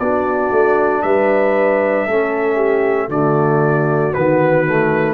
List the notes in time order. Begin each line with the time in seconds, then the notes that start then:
0.00 B3 D4 F#4 D5
0.52 A3
1.03 G3 B4 E5
2.07 A3 C#4 A4
2.56 G4
3.08 D3 A3 F#4 D5
4.14 D#3 B3 B4
4.67 A3